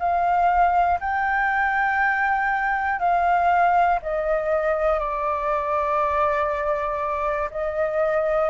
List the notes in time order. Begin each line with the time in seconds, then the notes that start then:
0.00 F5
1.01 G5
3.00 F5
4.02 D#5
5.00 D5
7.51 D#5